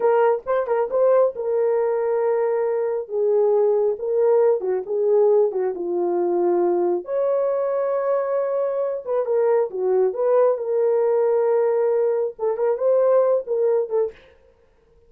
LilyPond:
\new Staff \with { instrumentName = "horn" } { \time 4/4 \tempo 4 = 136 ais'4 c''8 ais'8 c''4 ais'4~ | ais'2. gis'4~ | gis'4 ais'4. fis'8 gis'4~ | gis'8 fis'8 f'2. |
cis''1~ | cis''8 b'8 ais'4 fis'4 b'4 | ais'1 | a'8 ais'8 c''4. ais'4 a'8 | }